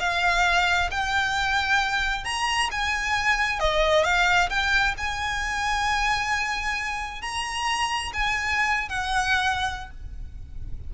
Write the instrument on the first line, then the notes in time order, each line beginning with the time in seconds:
violin
0.00 F5
0.91 G5
2.25 A#5
2.71 G#5
3.60 D#5
4.04 F5
4.50 G5
4.98 G#5
7.22 A#5
8.13 G#5
8.89 F#5